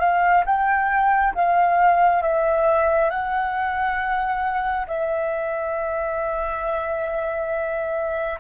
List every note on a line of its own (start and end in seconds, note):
0.00 0.44 F5
0.46 1.34 G5
1.35 2.23 F5
2.23 3.10 E5
3.10 4.87 F#5
4.87 8.40 E5